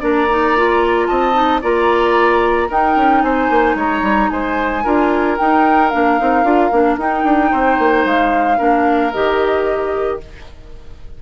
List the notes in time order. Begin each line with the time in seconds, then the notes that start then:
0.00 A#3 D4 D5 A#5
0.30 D#4
0.57 F4
1.07 C4 D#5 A5
1.33 D#4
1.62 A#3 F4 D5 A#5
2.68 D#4 A#4 G5
2.96 C#4
3.22 C4 C5 G#5
3.50 A#3
3.75 G#3 C#5 A#5
4.03 G3
4.30 G#3 C5 G#5
4.84 D4 F4 A#4
5.37 D#4 G5
5.90 A#3 D4 F5
6.18 C4 D#4
6.44 D4 F4
6.72 A#3 D4
6.98 D#4 G5
7.24 D4
7.51 C4 C5
7.79 A#3
8.05 G#3 F5
8.58 A#3 D4 A#4
9.13 D#3 G4 D#5